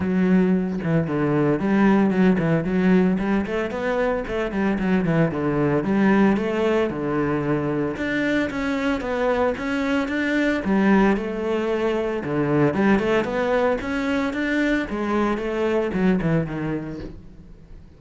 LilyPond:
\new Staff \with { instrumentName = "cello" } { \time 4/4 \tempo 4 = 113 fis4. e8 d4 g4 | fis8 e8 fis4 g8 a8 b4 | a8 g8 fis8 e8 d4 g4 | a4 d2 d'4 |
cis'4 b4 cis'4 d'4 | g4 a2 d4 | g8 a8 b4 cis'4 d'4 | gis4 a4 fis8 e8 dis4 | }